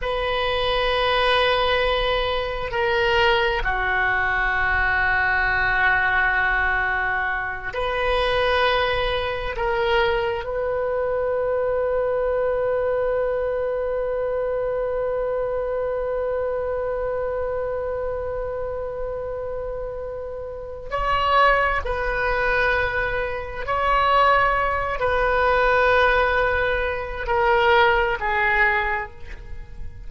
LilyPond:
\new Staff \with { instrumentName = "oboe" } { \time 4/4 \tempo 4 = 66 b'2. ais'4 | fis'1~ | fis'8 b'2 ais'4 b'8~ | b'1~ |
b'1~ | b'2. cis''4 | b'2 cis''4. b'8~ | b'2 ais'4 gis'4 | }